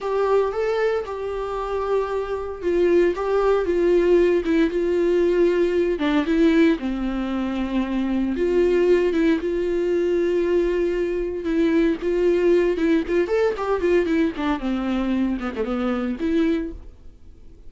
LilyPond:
\new Staff \with { instrumentName = "viola" } { \time 4/4 \tempo 4 = 115 g'4 a'4 g'2~ | g'4 f'4 g'4 f'4~ | f'8 e'8 f'2~ f'8 d'8 | e'4 c'2. |
f'4. e'8 f'2~ | f'2 e'4 f'4~ | f'8 e'8 f'8 a'8 g'8 f'8 e'8 d'8 | c'4. b16 a16 b4 e'4 | }